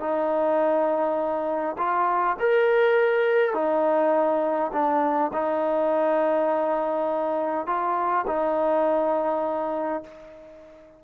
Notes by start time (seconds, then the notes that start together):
0.00 D#4
1.78 F4
2.40 A#4
3.54 D#4
4.72 D4
5.33 D#4
7.67 F4
8.27 D#4